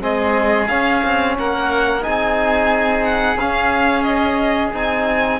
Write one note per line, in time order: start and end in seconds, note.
0.00 0.69 G#3
0.00 0.67 C4
0.00 1.37 G#4
0.00 0.68 D#5
0.68 1.03 C#4
0.68 2.01 C#4
0.68 1.35 F5
1.04 1.38 C4
1.39 2.06 A#3
1.39 2.06 A#4
1.39 2.03 F#5
2.01 3.37 C4
2.01 3.36 D#4
2.01 5.40 G#4
2.01 3.04 G#5
3.04 3.38 F#5
3.37 4.72 C#4
3.37 4.73 C#4
3.37 4.03 F5
4.03 4.71 D#5
4.73 5.40 C4
4.73 5.40 D#4
4.73 5.40 G#5